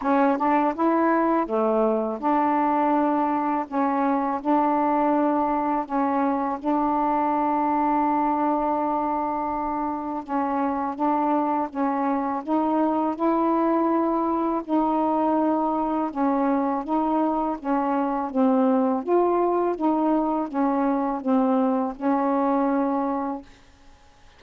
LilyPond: \new Staff \with { instrumentName = "saxophone" } { \time 4/4 \tempo 4 = 82 cis'8 d'8 e'4 a4 d'4~ | d'4 cis'4 d'2 | cis'4 d'2.~ | d'2 cis'4 d'4 |
cis'4 dis'4 e'2 | dis'2 cis'4 dis'4 | cis'4 c'4 f'4 dis'4 | cis'4 c'4 cis'2 | }